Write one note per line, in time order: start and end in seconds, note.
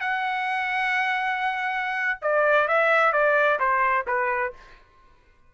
0.00 2.19 F#5
2.21 2.67 D5
2.68 3.13 E5
3.13 3.59 D5
3.59 4.06 C5
4.07 4.53 B4